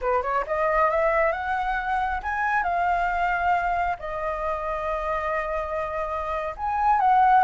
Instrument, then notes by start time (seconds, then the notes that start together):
flute
0.01 B4
0.22 C#5
0.46 D#5
0.90 E5
1.32 F#5
2.23 G#5
2.63 F5
3.99 D#5
6.56 G#5
7.00 F#5